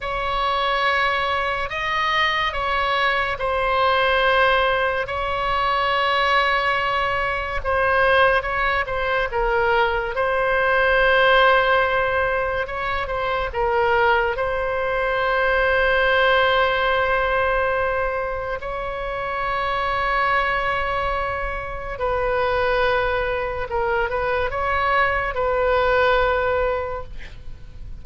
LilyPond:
\new Staff \with { instrumentName = "oboe" } { \time 4/4 \tempo 4 = 71 cis''2 dis''4 cis''4 | c''2 cis''2~ | cis''4 c''4 cis''8 c''8 ais'4 | c''2. cis''8 c''8 |
ais'4 c''2.~ | c''2 cis''2~ | cis''2 b'2 | ais'8 b'8 cis''4 b'2 | }